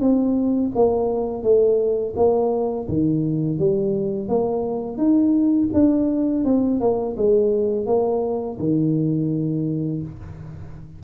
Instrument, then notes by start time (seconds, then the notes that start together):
tuba
0.00 C4
0.75 A#3
1.43 A3
2.16 A#3
2.88 D#3
3.58 G3
4.29 A#3
4.97 D#4
5.73 D4
6.44 C4
6.80 A#3
7.17 G#3
7.86 A#3
8.59 D#3